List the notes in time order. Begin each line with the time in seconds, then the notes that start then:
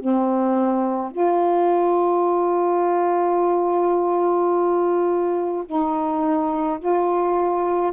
0.00 C4
1.12 F4
5.66 D#4
6.80 F4